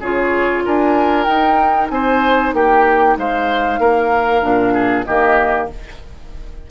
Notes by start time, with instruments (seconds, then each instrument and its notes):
0.00 bassoon C#3, clarinet F4, oboe G#4, flute C#5
0.65 bassoon D4, oboe A#4, flute G#5
1.24 bassoon D#4, clarinet D#4, flute G5
1.90 bassoon C4, oboe C5, flute G#5
2.53 bassoon A#3, oboe G4, flute G5
3.17 bassoon G#3, oboe C5, flute F5
3.79 bassoon A#3, oboe A#4
4.42 bassoon A#2, clarinet D4
4.74 oboe G#4
5.04 bassoon D#3, clarinet A#3, oboe G4, flute D#5